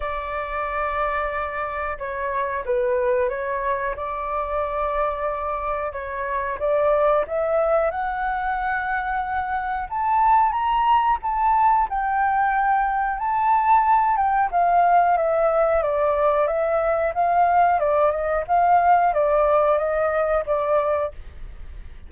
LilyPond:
\new Staff \with { instrumentName = "flute" } { \time 4/4 \tempo 4 = 91 d''2. cis''4 | b'4 cis''4 d''2~ | d''4 cis''4 d''4 e''4 | fis''2. a''4 |
ais''4 a''4 g''2 | a''4. g''8 f''4 e''4 | d''4 e''4 f''4 d''8 dis''8 | f''4 d''4 dis''4 d''4 | }